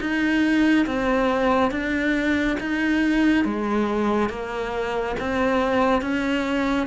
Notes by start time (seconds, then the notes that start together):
0.00 D#4
0.86 C4
1.71 D4
2.60 D#4
3.45 G#3
4.29 A#3
5.19 C4
6.02 C#4